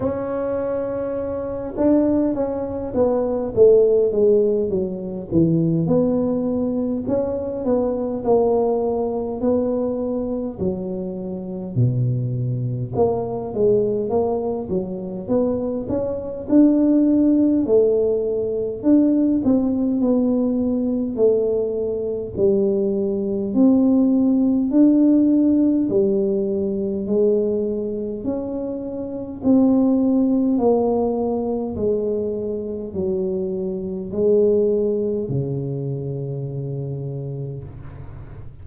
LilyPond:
\new Staff \with { instrumentName = "tuba" } { \time 4/4 \tempo 4 = 51 cis'4. d'8 cis'8 b8 a8 gis8 | fis8 e8 b4 cis'8 b8 ais4 | b4 fis4 b,4 ais8 gis8 | ais8 fis8 b8 cis'8 d'4 a4 |
d'8 c'8 b4 a4 g4 | c'4 d'4 g4 gis4 | cis'4 c'4 ais4 gis4 | fis4 gis4 cis2 | }